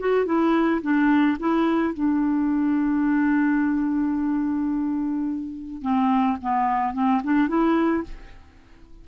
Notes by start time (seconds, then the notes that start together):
0.00 F#4
0.26 E4
0.82 D4
1.40 E4
1.94 D4
5.82 C4
6.42 B3
6.94 C4
7.24 D4
7.48 E4